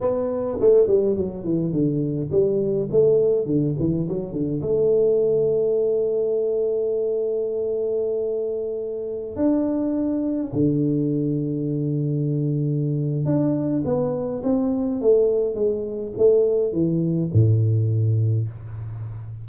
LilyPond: \new Staff \with { instrumentName = "tuba" } { \time 4/4 \tempo 4 = 104 b4 a8 g8 fis8 e8 d4 | g4 a4 d8 e8 fis8 d8 | a1~ | a1~ |
a16 d'2 d4.~ d16~ | d2. d'4 | b4 c'4 a4 gis4 | a4 e4 a,2 | }